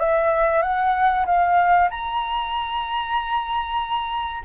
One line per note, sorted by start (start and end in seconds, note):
0.00 0.63 E5
0.63 1.26 F#5
1.26 1.89 F5
1.91 4.44 A#5